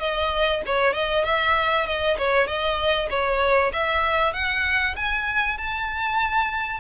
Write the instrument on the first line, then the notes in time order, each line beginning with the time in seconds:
violin
0.00 D#5
0.66 C#5
0.94 D#5
1.25 E5
1.86 D#5
2.18 C#5
2.47 D#5
3.10 C#5
3.73 E5
4.33 F#5
4.96 G#5
5.58 A5